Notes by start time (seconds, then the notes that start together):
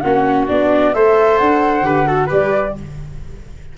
0.00 A#3 C#4 F#4 F#5
0.48 B3 D4 D5
0.93 A3 A4 C5 E5
1.37 D4 F#5
1.81 D3 G4 B4
2.06 F#4 A4
2.26 G3 G4 B4 D5